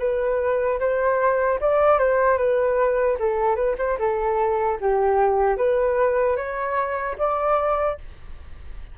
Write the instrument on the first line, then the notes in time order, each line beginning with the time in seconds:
flute
0.00 B4
0.80 C5
1.61 D5
1.99 C5
2.38 B4
3.20 A4
3.56 B4
3.79 C5
3.99 A4
4.81 G4
5.57 B4
6.37 C#5
7.19 D5